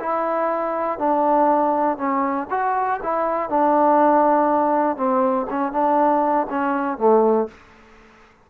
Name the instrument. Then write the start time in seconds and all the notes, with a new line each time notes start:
trombone
0.00 E4
0.99 D4
1.98 C#4
2.50 F#4
3.03 E4
3.50 D4
4.97 C4
5.50 C#4
5.72 D4
6.50 C#4
6.98 A3